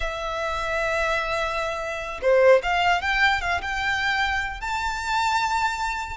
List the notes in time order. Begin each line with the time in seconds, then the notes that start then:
0.00 E5
2.21 C5
2.62 F5
3.01 G5
3.41 F5
3.61 G5
4.60 A5